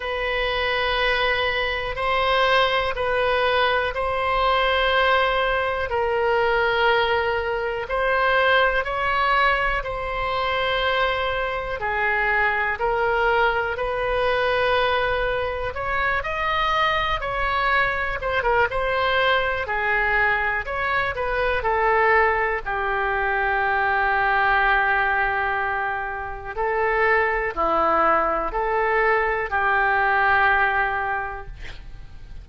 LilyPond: \new Staff \with { instrumentName = "oboe" } { \time 4/4 \tempo 4 = 61 b'2 c''4 b'4 | c''2 ais'2 | c''4 cis''4 c''2 | gis'4 ais'4 b'2 |
cis''8 dis''4 cis''4 c''16 ais'16 c''4 | gis'4 cis''8 b'8 a'4 g'4~ | g'2. a'4 | e'4 a'4 g'2 | }